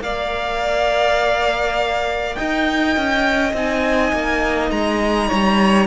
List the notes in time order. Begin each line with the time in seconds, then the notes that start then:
0.00 A#3 A#4 D5 F5
2.35 D#4 D#5 G5
2.97 C#4
3.53 C4 D#4 G#5
4.12 A#3
4.71 G#3 A#5
5.28 G3 C#5